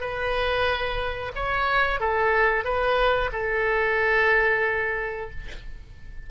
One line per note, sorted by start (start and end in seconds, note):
0.00 1.32 B4
1.35 2.00 C#5
2.00 2.64 A4
2.64 3.30 B4
3.32 5.30 A4